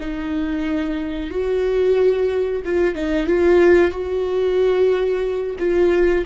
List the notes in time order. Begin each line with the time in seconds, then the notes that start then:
0.00 D#4
1.30 F#4
2.65 F4
2.95 D#4
3.27 F4
3.91 F#4
5.59 F4